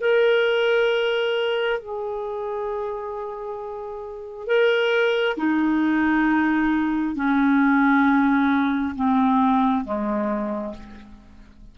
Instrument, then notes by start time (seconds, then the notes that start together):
clarinet
0.00 A#4
1.79 G#4
4.47 A#4
5.37 D#4
7.15 C#4
8.95 C4
9.84 G#3